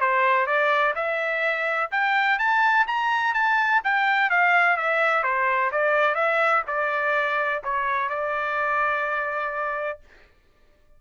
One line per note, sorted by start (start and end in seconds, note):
0.00 0.46 C5
0.46 0.94 D5
0.95 1.90 E5
1.91 2.38 G5
2.38 2.86 A5
2.87 3.34 A#5
3.34 3.81 A5
3.84 4.30 G5
4.30 4.77 F5
4.77 5.23 E5
5.23 5.70 C5
5.71 6.15 D5
6.15 6.62 E5
6.67 7.62 D5
7.63 8.09 C#5
8.09 9.99 D5